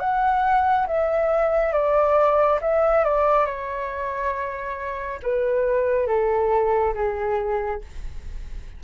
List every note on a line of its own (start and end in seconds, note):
0.00 0.87 F#5
0.87 1.73 E5
1.73 2.60 D5
2.62 3.04 E5
3.04 3.46 D5
3.46 5.20 C#5
5.23 6.07 B4
6.07 6.94 A4
6.94 7.81 G#4